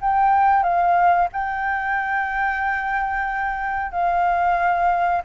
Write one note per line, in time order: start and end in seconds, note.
0.00 0.63 G5
0.63 1.28 F5
1.32 3.91 G5
3.91 5.22 F5